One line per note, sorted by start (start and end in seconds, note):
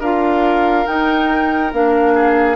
0.00 0.86 D4
0.00 0.86 F4
0.00 2.14 A#4
0.00 0.87 F5
0.86 1.72 D#4
0.86 1.73 D#4
0.86 1.72 G5
1.73 2.56 A#3
1.73 2.56 D4
1.73 2.56 F5
2.15 2.56 G#4